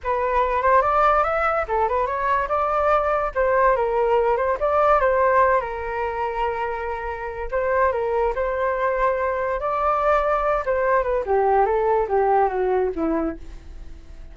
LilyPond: \new Staff \with { instrumentName = "flute" } { \time 4/4 \tempo 4 = 144 b'4. c''8 d''4 e''4 | a'8 b'8 cis''4 d''2 | c''4 ais'4. c''8 d''4 | c''4. ais'2~ ais'8~ |
ais'2 c''4 ais'4 | c''2. d''4~ | d''4. c''4 b'8 g'4 | a'4 g'4 fis'4 e'4 | }